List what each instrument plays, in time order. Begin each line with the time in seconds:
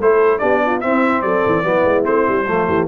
0.00 tuba A3, trombone E4, horn A4, trumpet C5
0.39 tuba B3, trombone D4, horn G4, trumpet D5
0.66 horn F4
0.81 trombone C4, tuba C4, horn E4, trumpet E5
1.22 tuba F#3, horn A4, trumpet D5
1.47 tuba E3
1.64 tuba F#3, trombone B3, horn E4
1.84 tuba G#3
2.04 tuba A3, trombone C4, trumpet C5
2.28 tuba G3
2.47 tuba F3, trombone A3, horn F4
2.68 tuba E3, horn G4